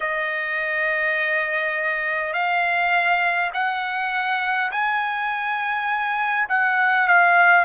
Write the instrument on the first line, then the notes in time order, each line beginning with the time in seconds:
trumpet
0.00 D#5
2.33 F5
3.53 F#5
4.71 G#5
6.48 F#5
7.07 F5